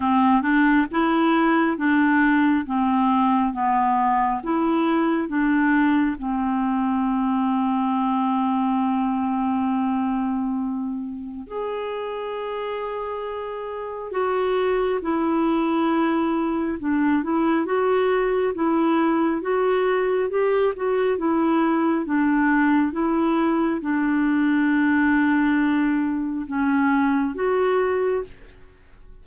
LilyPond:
\new Staff \with { instrumentName = "clarinet" } { \time 4/4 \tempo 4 = 68 c'8 d'8 e'4 d'4 c'4 | b4 e'4 d'4 c'4~ | c'1~ | c'4 gis'2. |
fis'4 e'2 d'8 e'8 | fis'4 e'4 fis'4 g'8 fis'8 | e'4 d'4 e'4 d'4~ | d'2 cis'4 fis'4 | }